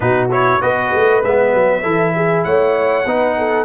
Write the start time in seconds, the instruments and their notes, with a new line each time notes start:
0.00 tuba B2, trombone D#4, horn F#4, trumpet B4
0.31 trombone E4, trumpet C#5
0.60 tuba B3, trombone F#4, horn B4, trumpet D#5
0.93 tuba A3
1.23 tuba G#3, trombone B3, trumpet E5
1.53 tuba F#3
1.82 tuba E3, trombone E4, horn A4
2.15 horn G#4
2.44 tuba A3, horn C#5, trumpet F#5
3.05 tuba B3, trombone D#4, horn B4
3.38 horn A4